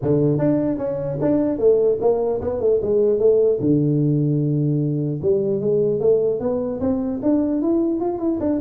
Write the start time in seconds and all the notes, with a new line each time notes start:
0.02 D3
0.38 D4
0.78 C#4
1.21 D4
1.58 A3
2.00 A#3
2.41 B3
2.60 A3
2.82 G#3
3.19 A3
3.60 D3
5.22 G3
5.60 G#3
6.00 A3
6.39 B3
6.80 C4
7.22 D4
7.61 E4
8.00 F4
8.18 E4
8.39 D4